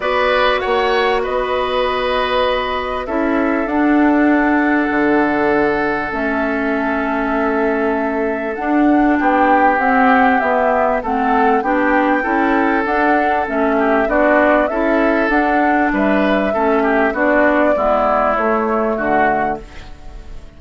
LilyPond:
<<
  \new Staff \with { instrumentName = "flute" } { \time 4/4 \tempo 4 = 98 d''4 fis''4 dis''2~ | dis''4 e''4 fis''2~ | fis''2 e''2~ | e''2 fis''4 g''4 |
fis''4 e''4 fis''4 g''4~ | g''4 fis''4 e''4 d''4 | e''4 fis''4 e''2 | d''2 cis''4 fis''4 | }
  \new Staff \with { instrumentName = "oboe" } { \time 4/4 b'4 cis''4 b'2~ | b'4 a'2.~ | a'1~ | a'2. g'4~ |
g'2 a'4 g'4 | a'2~ a'8 g'8 fis'4 | a'2 b'4 a'8 g'8 | fis'4 e'2 fis'4 | }
  \new Staff \with { instrumentName = "clarinet" } { \time 4/4 fis'1~ | fis'4 e'4 d'2~ | d'2 cis'2~ | cis'2 d'2 |
c'4 b4 c'4 d'4 | e'4 d'4 cis'4 d'4 | e'4 d'2 cis'4 | d'4 b4 a2 | }
  \new Staff \with { instrumentName = "bassoon" } { \time 4/4 b4 ais4 b2~ | b4 cis'4 d'2 | d2 a2~ | a2 d'4 b4 |
c'4 b4 a4 b4 | cis'4 d'4 a4 b4 | cis'4 d'4 g4 a4 | b4 gis4 a4 d4 | }
>>